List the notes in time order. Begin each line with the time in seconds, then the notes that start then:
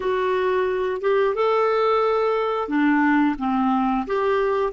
0.00 F#4
1.01 G4
1.34 A4
2.68 D4
3.38 C4
4.06 G4